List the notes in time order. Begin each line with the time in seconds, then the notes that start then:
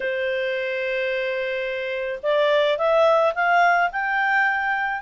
0.00 C5
2.22 D5
2.78 E5
3.35 F5
3.92 G5